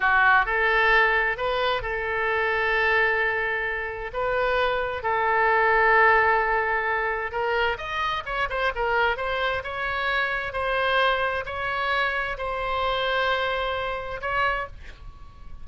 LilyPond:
\new Staff \with { instrumentName = "oboe" } { \time 4/4 \tempo 4 = 131 fis'4 a'2 b'4 | a'1~ | a'4 b'2 a'4~ | a'1 |
ais'4 dis''4 cis''8 c''8 ais'4 | c''4 cis''2 c''4~ | c''4 cis''2 c''4~ | c''2. cis''4 | }